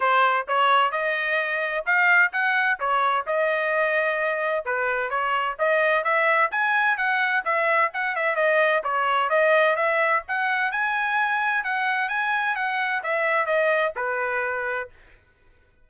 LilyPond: \new Staff \with { instrumentName = "trumpet" } { \time 4/4 \tempo 4 = 129 c''4 cis''4 dis''2 | f''4 fis''4 cis''4 dis''4~ | dis''2 b'4 cis''4 | dis''4 e''4 gis''4 fis''4 |
e''4 fis''8 e''8 dis''4 cis''4 | dis''4 e''4 fis''4 gis''4~ | gis''4 fis''4 gis''4 fis''4 | e''4 dis''4 b'2 | }